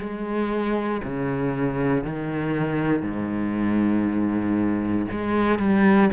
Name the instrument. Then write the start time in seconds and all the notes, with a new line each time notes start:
cello
0.00 G#3
1.04 C#3
2.04 D#3
3.03 G#2
5.11 G#3
5.59 G3